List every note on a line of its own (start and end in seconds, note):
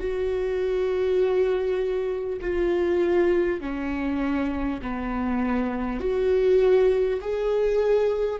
0.00 2.40 F#4
2.41 3.61 F4
3.61 4.81 C#4
4.82 6.01 B3
6.01 7.21 F#4
7.21 8.40 G#4